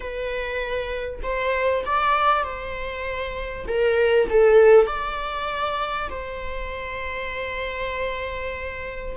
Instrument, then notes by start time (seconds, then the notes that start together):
viola
0.00 B4
1.22 C5
1.85 D5
2.43 C5
3.67 A#4
4.29 A4
4.86 D5
6.09 C5